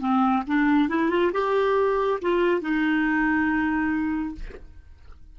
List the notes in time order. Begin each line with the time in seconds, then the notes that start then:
0.00 C4
0.47 D4
0.89 E4
1.10 F4
1.33 G4
2.22 F4
2.61 D#4